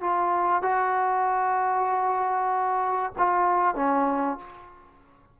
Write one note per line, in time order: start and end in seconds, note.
0.00 0.62 F4
0.62 3.12 F#4
3.18 3.75 F4
3.75 4.38 C#4